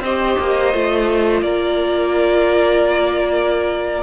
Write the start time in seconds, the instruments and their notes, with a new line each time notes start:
0.00 cello C4, viola G4, violin C5 D#5
0.39 cello A#3
0.73 cello A3, viola F4
1.42 cello A#3, violin A#4 D5